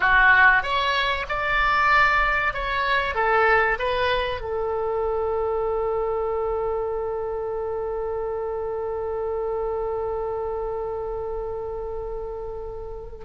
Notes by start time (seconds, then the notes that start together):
0.00 F#4
0.63 C#5
1.28 D5
2.53 C#5
3.14 A4
3.79 B4
4.40 A4